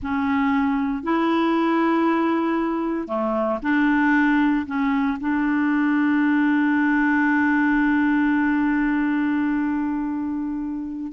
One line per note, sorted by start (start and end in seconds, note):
0.02 1.03 C#4
1.03 3.07 E4
3.07 3.59 A3
3.62 4.66 D4
4.66 5.18 C#4
5.20 11.12 D4